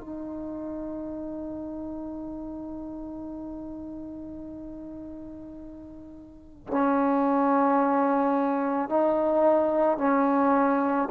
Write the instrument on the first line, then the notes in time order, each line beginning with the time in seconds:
trombone
0.00 D#4
6.67 C#4
8.89 D#4
9.97 C#4